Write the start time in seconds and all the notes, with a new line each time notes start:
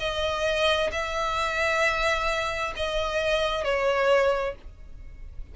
0.00 D#5
0.92 E5
2.77 D#5
3.64 C#5